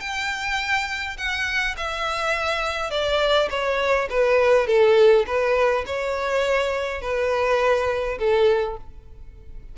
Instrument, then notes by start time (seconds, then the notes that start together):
violin
0.00 G5
1.17 F#5
1.77 E5
2.90 D5
3.50 C#5
4.10 B4
4.67 A4
5.26 B4
5.86 C#5
7.01 B4
8.18 A4